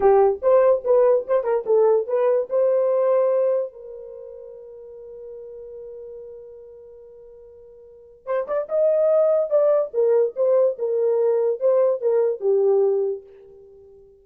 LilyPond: \new Staff \with { instrumentName = "horn" } { \time 4/4 \tempo 4 = 145 g'4 c''4 b'4 c''8 ais'8 | a'4 b'4 c''2~ | c''4 ais'2.~ | ais'1~ |
ais'1 | c''8 d''8 dis''2 d''4 | ais'4 c''4 ais'2 | c''4 ais'4 g'2 | }